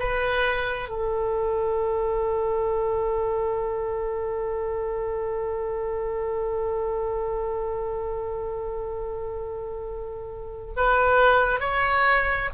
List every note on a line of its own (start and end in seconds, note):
0.00 0.89 B4
0.89 10.74 A4
10.77 11.61 B4
11.61 12.50 C#5